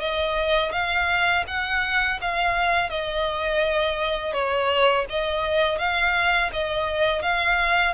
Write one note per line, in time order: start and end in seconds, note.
0.00 0.72 D#5
0.72 1.45 F5
1.48 2.20 F#5
2.21 2.90 F5
2.90 4.33 D#5
4.33 5.06 C#5
5.10 5.79 D#5
5.79 6.51 F5
6.53 7.22 D#5
7.22 7.94 F5